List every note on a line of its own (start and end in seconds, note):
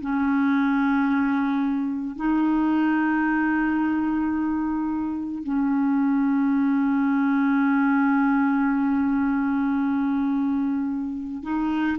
0.00 2.16 C#4
2.16 5.43 D#4
5.43 11.43 C#4
11.43 11.98 D#4